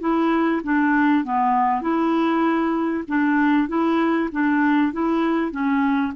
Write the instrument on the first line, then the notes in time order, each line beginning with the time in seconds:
clarinet
0.00 E4
0.63 D4
1.24 B3
1.81 E4
3.08 D4
3.68 E4
4.31 D4
4.92 E4
5.51 C#4